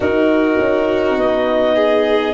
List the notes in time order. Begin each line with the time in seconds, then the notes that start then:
0.00 D#4 F#4 A#4
0.59 C#4
1.17 B3 D#5
1.75 G#4